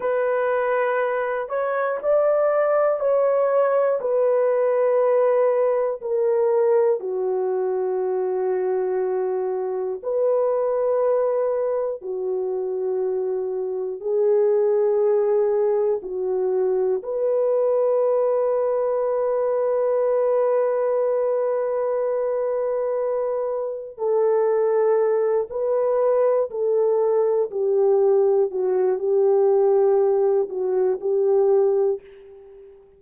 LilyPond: \new Staff \with { instrumentName = "horn" } { \time 4/4 \tempo 4 = 60 b'4. cis''8 d''4 cis''4 | b'2 ais'4 fis'4~ | fis'2 b'2 | fis'2 gis'2 |
fis'4 b'2.~ | b'1 | a'4. b'4 a'4 g'8~ | g'8 fis'8 g'4. fis'8 g'4 | }